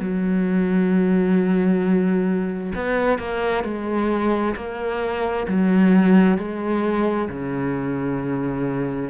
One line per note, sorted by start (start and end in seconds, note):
0.00 2.73 F#3
2.75 3.19 B3
3.19 3.64 A#3
3.64 4.55 G#3
4.56 5.47 A#3
5.48 6.38 F#3
6.38 7.29 G#3
7.29 9.10 C#3